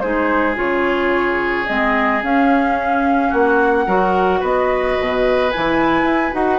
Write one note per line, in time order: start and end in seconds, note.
0.00 0.57 G#3
0.00 0.55 D#4
0.00 3.29 G#4
0.00 0.55 C5
0.55 1.67 C#3
0.55 1.65 F4
0.55 1.67 C#5
1.67 2.23 G#3
1.67 2.22 C4
1.67 2.22 D#5
2.23 3.33 C#4
2.23 3.87 C#4
2.23 3.33 F5
3.29 3.87 A#3
3.29 3.84 F#4
3.29 4.43 F#5
3.87 4.42 F#3
3.87 5.52 F#4
3.87 4.40 A#4
4.40 4.98 B3
4.40 6.59 B4
4.40 5.51 D#5
4.99 5.54 B2
5.51 6.03 E3
5.51 6.33 E4
5.51 6.33 G#5
6.03 6.31 E4
6.33 6.59 D#4
6.33 6.59 F#4
6.33 6.59 F#5